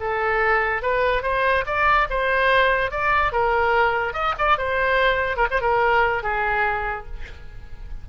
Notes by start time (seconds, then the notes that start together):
0.00 A4
0.82 B4
1.23 C5
1.66 D5
2.10 C5
2.91 D5
3.32 A#4
4.13 D#5
4.38 D5
4.58 C5
5.36 A#4
5.50 C5
5.61 A#4
6.23 G#4